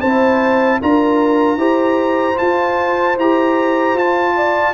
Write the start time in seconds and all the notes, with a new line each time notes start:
0.00 C4 E4 C5 A5
0.81 D4 F4 A#4 A#5
1.57 E4 G4 C5
2.35 F4 A5
3.18 E4 G4 A#5
3.95 F4 A5
4.37 D5